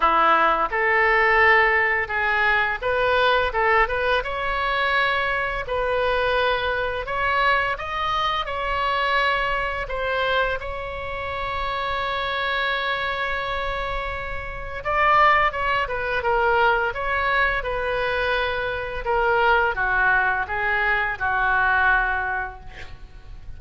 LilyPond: \new Staff \with { instrumentName = "oboe" } { \time 4/4 \tempo 4 = 85 e'4 a'2 gis'4 | b'4 a'8 b'8 cis''2 | b'2 cis''4 dis''4 | cis''2 c''4 cis''4~ |
cis''1~ | cis''4 d''4 cis''8 b'8 ais'4 | cis''4 b'2 ais'4 | fis'4 gis'4 fis'2 | }